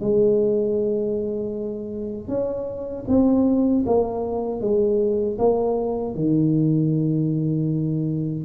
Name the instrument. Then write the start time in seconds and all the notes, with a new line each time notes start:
tuba
0.00 G#3
2.28 C#4
3.07 C4
3.86 A#3
4.60 G#3
5.38 A#3
6.15 D#3